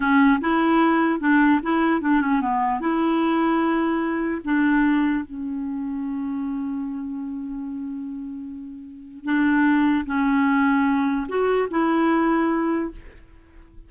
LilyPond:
\new Staff \with { instrumentName = "clarinet" } { \time 4/4 \tempo 4 = 149 cis'4 e'2 d'4 | e'4 d'8 cis'8 b4 e'4~ | e'2. d'4~ | d'4 cis'2.~ |
cis'1~ | cis'2. d'4~ | d'4 cis'2. | fis'4 e'2. | }